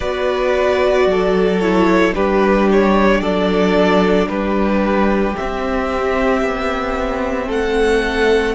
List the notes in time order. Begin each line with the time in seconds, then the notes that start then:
0.00 B3 F#4 B4 D5
1.06 F#3 A4
1.60 E4 C#5
2.13 G3 D4 G4 B4
2.71 C#5
3.19 F#3 A4 D5
4.27 G3 G4 B4
5.36 C4 E5
6.41 B3
7.47 A3 A4 F#5